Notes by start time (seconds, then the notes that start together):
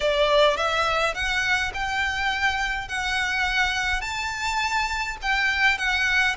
0.00 D5
0.56 E5
1.14 F#5
1.73 G5
2.88 F#5
4.01 A5
5.22 G5
5.78 F#5